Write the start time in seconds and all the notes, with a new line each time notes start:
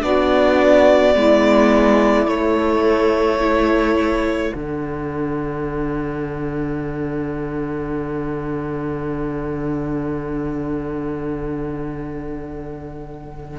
0.00 B3 D4 F#4 D5
1.13 G#3 B3 E4
2.25 A3 C#5
3.39 E4 A4
4.53 D3 D4 F#5